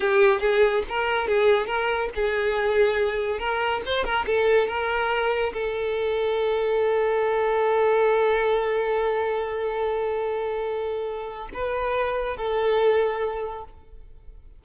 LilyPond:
\new Staff \with { instrumentName = "violin" } { \time 4/4 \tempo 4 = 141 g'4 gis'4 ais'4 gis'4 | ais'4 gis'2. | ais'4 c''8 ais'8 a'4 ais'4~ | ais'4 a'2.~ |
a'1~ | a'1~ | a'2. b'4~ | b'4 a'2. | }